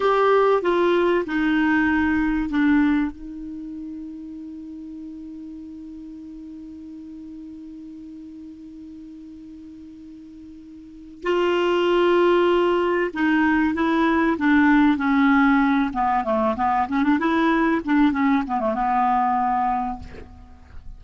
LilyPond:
\new Staff \with { instrumentName = "clarinet" } { \time 4/4 \tempo 4 = 96 g'4 f'4 dis'2 | d'4 dis'2.~ | dis'1~ | dis'1~ |
dis'2 f'2~ | f'4 dis'4 e'4 d'4 | cis'4. b8 a8 b8 cis'16 d'16 e'8~ | e'8 d'8 cis'8 b16 a16 b2 | }